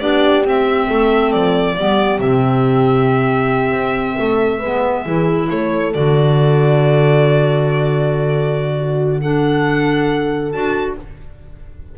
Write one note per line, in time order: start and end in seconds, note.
0.00 0.45 B3
0.00 0.44 D4
0.00 0.87 G4
0.00 0.44 D5
0.45 0.89 C4
0.45 1.77 C4
0.45 1.32 E5
0.87 1.34 A3
0.87 1.75 A4
1.32 1.77 F3
1.32 2.20 D5
1.77 2.20 G3
1.77 2.20 B3
1.77 4.18 G4
2.20 3.72 C3
2.20 4.60 C4
2.20 5.49 E5
3.72 4.16 C4
4.18 4.63 A3
4.18 4.59 A4
4.59 5.06 G#3
4.59 5.06 B3
4.59 5.03 B4
5.03 5.50 E3
5.03 5.94 E4
5.03 5.47 G#4
5.50 5.95 A3
5.50 8.78 A4
5.50 5.94 C#5
5.94 10.54 D3
5.94 9.22 F#4
5.94 9.21 D5
8.79 9.22 F#4
9.21 10.52 D4
9.21 10.97 A4
9.21 10.52 F#5
10.52 10.98 D4
10.52 10.96 F#4
10.52 10.96 A5